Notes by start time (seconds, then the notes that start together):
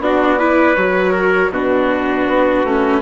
0.00 B3 D4 F#4 D5
0.39 E4 B4
0.75 F#3 F#4 C#5
1.12 A#4
1.50 B2 D4 F#4 B4
2.28 B3
2.64 A3 C#4